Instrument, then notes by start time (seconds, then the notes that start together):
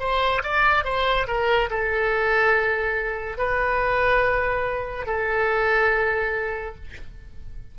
oboe
0.00 C5
0.43 D5
0.85 C5
1.28 A#4
1.70 A4
3.38 B4
5.06 A4